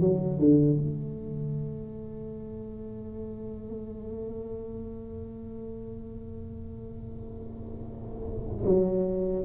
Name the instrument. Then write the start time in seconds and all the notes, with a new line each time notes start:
tuba
0.00 F#3
0.39 D3
0.77 A3
8.66 F#3